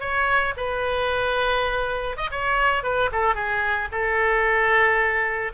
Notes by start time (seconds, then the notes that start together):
0.00 C#5
0.57 B4
2.16 D#5
2.31 C#5
2.83 B4
3.12 A4
3.35 G#4
3.91 A4